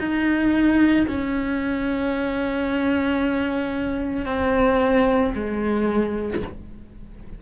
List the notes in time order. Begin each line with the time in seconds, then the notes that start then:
0.00 D#4
1.08 C#4
4.26 C4
5.35 G#3